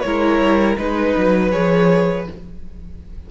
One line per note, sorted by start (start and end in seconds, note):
0.00 0.39 G#3
0.00 0.78 E4
0.00 0.79 A#4
0.00 0.74 C#5
0.39 0.76 G3
0.77 1.15 G#3
0.77 1.51 D#4
0.77 1.51 B4
0.77 2.30 B4
1.17 1.53 F#3
1.51 2.27 F3
1.51 2.25 G#4
1.51 2.25 C#5